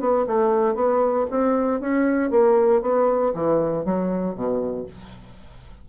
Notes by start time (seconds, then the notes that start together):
0.00 B3
0.27 A3
0.75 B3
1.31 C4
1.81 C#4
2.31 A#3
2.82 B3
3.34 E3
3.85 F#3
4.35 B2